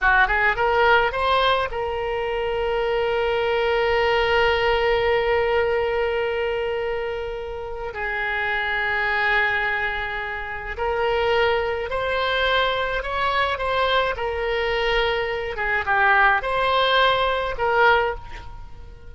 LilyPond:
\new Staff \with { instrumentName = "oboe" } { \time 4/4 \tempo 4 = 106 fis'8 gis'8 ais'4 c''4 ais'4~ | ais'1~ | ais'1~ | ais'2 gis'2~ |
gis'2. ais'4~ | ais'4 c''2 cis''4 | c''4 ais'2~ ais'8 gis'8 | g'4 c''2 ais'4 | }